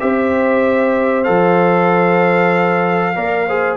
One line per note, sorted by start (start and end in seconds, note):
0.00 1.28 C4
0.00 1.25 G4
0.00 3.15 C5
0.00 1.24 E5
1.24 3.16 F3
1.24 3.14 A4
1.24 3.76 F5
3.15 3.77 A#3
3.15 3.47 A#4
3.15 3.47 D5
3.47 3.77 G#4
3.47 3.77 C5